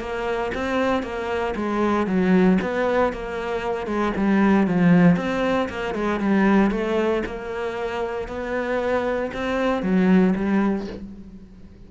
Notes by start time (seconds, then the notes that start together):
0.00 A#3
0.55 C4
1.03 A#3
1.56 G#3
2.07 F#3
2.62 B3
3.13 A#3
3.87 G#3
4.17 G3
4.67 F3
5.17 C4
5.69 A#3
5.95 G#3
6.20 G3
6.71 A3
7.26 A#3
8.28 B3
9.34 C4
9.82 F#3
10.35 G3